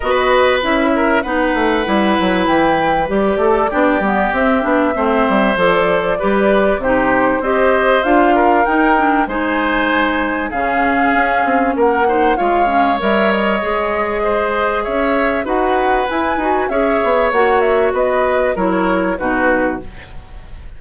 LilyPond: <<
  \new Staff \with { instrumentName = "flute" } { \time 4/4 \tempo 4 = 97 dis''4 e''4 fis''2 | g''4 d''2 e''4~ | e''4 d''2 c''4 | dis''4 f''4 g''4 gis''4~ |
gis''4 f''2 fis''4 | f''4 e''8 dis''2~ dis''8 | e''4 fis''4 gis''4 e''4 | fis''8 e''8 dis''4 cis''4 b'4 | }
  \new Staff \with { instrumentName = "oboe" } { \time 4/4 b'4. ais'8 b'2~ | b'4. a'8 g'2 | c''2 b'4 g'4 | c''4. ais'4. c''4~ |
c''4 gis'2 ais'8 c''8 | cis''2. c''4 | cis''4 b'2 cis''4~ | cis''4 b'4 ais'4 fis'4 | }
  \new Staff \with { instrumentName = "clarinet" } { \time 4/4 fis'4 e'4 dis'4 e'4~ | e'4 g'4 d'8 b8 c'8 d'8 | c'4 a'4 g'4 dis'4 | g'4 f'4 dis'8 d'8 dis'4~ |
dis'4 cis'2~ cis'8 dis'8 | f'8 cis'8 ais'4 gis'2~ | gis'4 fis'4 e'8 fis'8 gis'4 | fis'2 e'4 dis'4 | }
  \new Staff \with { instrumentName = "bassoon" } { \time 4/4 b4 cis'4 b8 a8 g8 fis8 | e4 g8 a8 b8 g8 c'8 b8 | a8 g8 f4 g4 c4 | c'4 d'4 dis'4 gis4~ |
gis4 cis4 cis'8 c'8 ais4 | gis4 g4 gis2 | cis'4 dis'4 e'8 dis'8 cis'8 b8 | ais4 b4 fis4 b,4 | }
>>